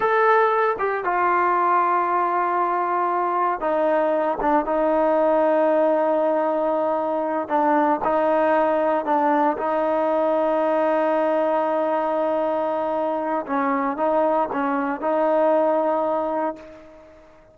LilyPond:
\new Staff \with { instrumentName = "trombone" } { \time 4/4 \tempo 4 = 116 a'4. g'8 f'2~ | f'2. dis'4~ | dis'8 d'8 dis'2.~ | dis'2~ dis'8 d'4 dis'8~ |
dis'4. d'4 dis'4.~ | dis'1~ | dis'2 cis'4 dis'4 | cis'4 dis'2. | }